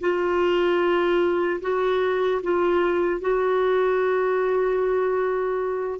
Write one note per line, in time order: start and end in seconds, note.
0.00 1.60 F4
1.61 2.41 F#4
2.43 3.20 F4
3.20 6.00 F#4